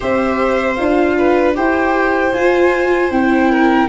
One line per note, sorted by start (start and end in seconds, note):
0.00 0.79 C4
0.00 0.77 G4
0.00 1.15 C5
0.00 0.75 E5
0.75 1.56 D4
0.75 1.55 F4
0.75 1.52 F5
1.17 1.56 B4
1.55 2.33 E4
1.55 2.32 G4
1.55 3.50 C5
1.55 2.32 G5
2.32 3.11 F4
2.32 3.10 G#5
3.11 3.88 C4
3.11 3.88 E4
3.11 3.88 G5
3.50 3.88 A#4